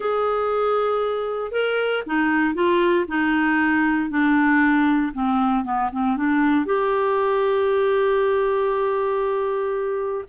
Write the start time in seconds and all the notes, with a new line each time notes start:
0.00 G#4
1.51 A#4
2.06 D#4
2.54 F4
3.08 D#4
4.10 D4
5.13 C4
5.64 B3
5.92 C4
6.17 D4
6.65 G4